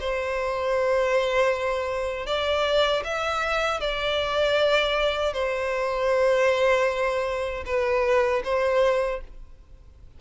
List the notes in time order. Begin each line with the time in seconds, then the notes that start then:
0.00 C5
2.26 D5
3.04 E5
3.80 D5
5.33 C5
7.65 B4
8.44 C5